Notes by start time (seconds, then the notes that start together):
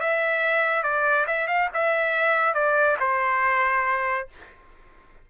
0.00 E5
0.83 D5
1.27 E5
1.48 F5
1.74 E5
2.54 D5
3.00 C5